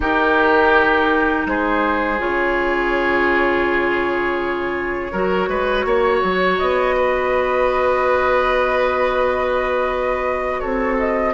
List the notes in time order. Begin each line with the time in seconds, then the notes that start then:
0.00 D#3 D#4 G4 A#4
1.46 G#3 G#4 C5
2.18 C#3 F4 C#5
5.12 F#3 F#4 A#4
5.47 G#3 B4
5.84 A#3 C#5
6.23 F#3
6.58 B3 D#5
6.96 B4
10.59 C4 A4 C#5
10.98 D#5